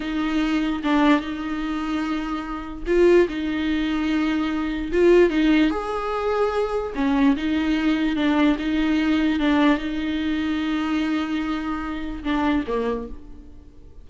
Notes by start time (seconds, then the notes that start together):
0.00 D#4
0.83 D4
1.20 D#4
2.86 F4
3.28 D#4
4.91 F4
5.29 D#4
5.70 G#4
6.95 C#4
7.36 D#4
8.16 D4
8.58 D#4
9.39 D4
9.78 D#4
12.23 D4
12.67 A#3